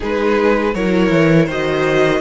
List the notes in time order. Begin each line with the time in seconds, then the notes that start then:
0.00 G#3 D#4 G#4 B4
0.74 F#3 E4 A#4 C#5
1.10 E3
1.46 D#3 F#4 C5 D#5